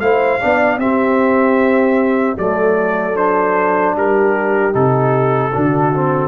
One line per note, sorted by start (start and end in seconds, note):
0.00 0.40 A3
0.00 0.41 E4
0.00 0.41 C5
0.00 0.79 F5
0.41 0.77 B3
0.41 0.80 D4
0.41 0.80 D5
0.77 2.35 C4
0.77 2.37 C4
0.77 2.38 G4
0.77 2.38 E5
2.37 3.96 F#3
2.37 3.14 A3
2.37 3.96 A4
2.37 3.16 D5
3.14 4.72 D4
3.14 3.95 C5
3.96 4.74 G3
3.96 5.53 G4
3.96 4.75 A#4
4.72 5.53 C3
4.72 5.51 D#4
4.72 6.28 A4
5.53 6.28 D3
5.53 5.93 D4
5.53 6.28 F#4
5.93 6.28 C4